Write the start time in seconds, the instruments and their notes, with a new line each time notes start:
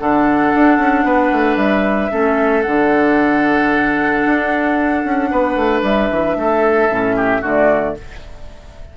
0.00 bassoon D3, clarinet D4, oboe A4, flute F#5
0.55 bassoon D4
0.78 bassoon C#4
1.04 bassoon B3, oboe B4
1.32 bassoon A3
1.57 bassoon G3, flute E5
2.11 bassoon A3, clarinet C#4, oboe A4
2.62 bassoon D3, clarinet D4, flute F#5
4.26 bassoon D4
5.04 bassoon C#4
5.31 bassoon B3, oboe B4
5.56 bassoon A3
5.83 bassoon G3, flute E5
6.11 bassoon E3
6.37 bassoon A3, oboe A4
6.90 bassoon A2, clarinet C#4
7.16 oboe G4
7.42 bassoon D3, clarinet A3, oboe F#4, flute D5